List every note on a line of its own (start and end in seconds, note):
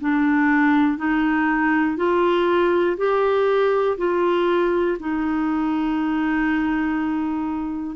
0.00 0.98 D4
0.98 1.96 D#4
1.96 2.96 F4
2.97 3.97 G4
3.98 4.98 F4
5.00 7.96 D#4